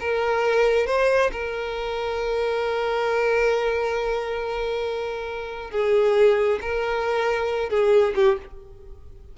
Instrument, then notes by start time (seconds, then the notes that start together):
violin
0.00 A#4
0.86 C5
1.32 A#4
5.71 G#4
6.61 A#4
7.70 G#4
8.15 G4